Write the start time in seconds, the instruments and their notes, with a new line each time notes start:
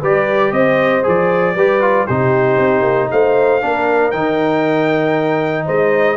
0.00 tuba G3, trombone G4, horn B4, trumpet D5
0.51 tuba C4, horn C5, trumpet D#5
1.03 tuba F3, trombone G#4, trumpet D5
1.55 tuba G3, trombone G4, horn B4
1.81 trombone F4
2.05 tuba C3, trombone D#4, horn G4, trumpet C5
2.57 tuba C4
2.82 tuba A#3
3.10 tuba A3, horn C5, trumpet F5
3.61 tuba A#3, trombone D4, horn A#4
4.11 tuba D#3, trombone D#4, trumpet G5
5.65 tuba G#3, horn C5, trumpet D#5